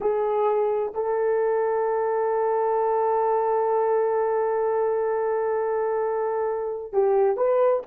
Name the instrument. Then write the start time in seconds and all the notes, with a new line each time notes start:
horn
0.00 G#4
0.94 A4
6.92 G4
7.36 B4